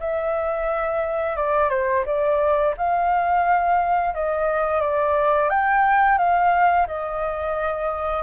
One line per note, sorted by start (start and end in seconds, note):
0.00 1.37 E5
1.37 1.70 D5
1.70 2.04 C5
2.06 2.75 D5
2.77 4.14 F5
4.14 4.81 D#5
4.81 5.50 D5
5.50 6.18 G5
6.18 6.87 F5
6.87 8.23 D#5